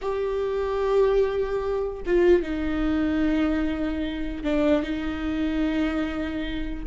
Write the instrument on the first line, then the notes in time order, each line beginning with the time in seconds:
viola
0.01 G4
2.06 F4
2.42 D#4
4.43 D4
4.82 D#4